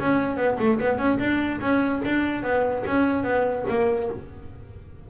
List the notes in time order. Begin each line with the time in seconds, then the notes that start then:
0.00 C#4
0.36 B3
0.58 A3
0.80 B3
0.98 C#4
1.18 D4
1.60 C#4
2.05 D4
2.43 B3
2.86 C#4
3.24 B3
3.69 A#3